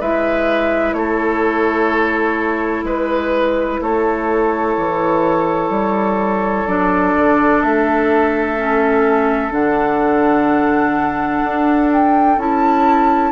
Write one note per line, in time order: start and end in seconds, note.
0.00 0.93 G#3
0.00 6.67 E4
0.00 0.95 B4
0.00 0.93 E5
0.93 2.83 A3
0.93 2.85 A4
0.93 2.84 C#5
2.83 3.79 G#3
2.83 3.80 B4
2.83 3.83 B4
3.81 4.76 A3
3.81 13.32 A4
3.81 6.67 C#5
4.77 5.69 E3
5.69 6.65 G3
6.66 7.14 F#3
6.66 8.58 D4
6.66 7.62 D5
7.15 7.62 D3
7.62 9.51 A3
7.62 9.52 E5
8.58 9.51 C#4
9.51 11.41 D3
9.51 12.37 D4
9.51 11.91 F#5
11.43 12.37 D4
11.92 12.39 G5
12.37 13.32 C#4
12.37 13.32 E4
12.37 13.32 A5